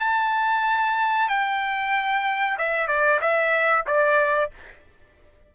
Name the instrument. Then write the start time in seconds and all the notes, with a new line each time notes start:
trumpet
0.00 A5
1.28 G5
2.58 E5
2.87 D5
3.21 E5
3.87 D5